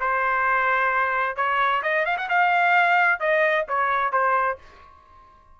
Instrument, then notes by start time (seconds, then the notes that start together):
trumpet
0.00 C5
1.36 C#5
1.82 D#5
2.05 F5
2.17 F#5
2.29 F5
3.20 D#5
3.68 C#5
4.12 C5